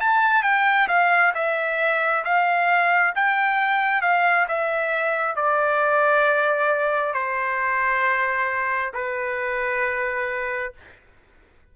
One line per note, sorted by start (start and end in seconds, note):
0.00 0.43 A5
0.43 0.88 G5
0.88 1.33 F5
1.34 2.24 E5
2.24 3.14 F5
3.15 4.01 G5
4.01 4.46 F5
4.48 5.35 E5
5.35 7.13 D5
7.13 8.92 C5
8.93 10.73 B4